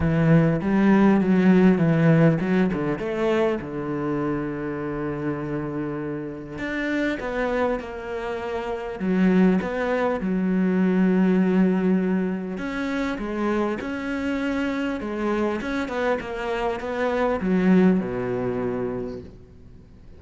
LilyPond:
\new Staff \with { instrumentName = "cello" } { \time 4/4 \tempo 4 = 100 e4 g4 fis4 e4 | fis8 d8 a4 d2~ | d2. d'4 | b4 ais2 fis4 |
b4 fis2.~ | fis4 cis'4 gis4 cis'4~ | cis'4 gis4 cis'8 b8 ais4 | b4 fis4 b,2 | }